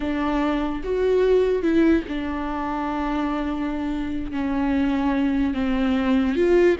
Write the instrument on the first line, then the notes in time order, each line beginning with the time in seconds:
viola
0.00 D4
0.83 F#4
1.62 E4
2.08 D4
4.31 C#4
5.53 C4
6.35 F4